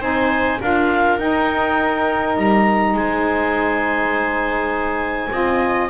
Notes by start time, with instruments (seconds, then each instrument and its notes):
0.00 double bass C4, saxophone D#4, viola C5, clarinet G#5
0.60 double bass D4, saxophone F4, viola A#4, clarinet F5
1.18 saxophone D#4, double bass D#4, clarinet G5
2.37 double bass G3, clarinet A#5
2.93 double bass G#3, viola C5, clarinet G#5
5.30 double bass C4, saxophone F4, viola D#5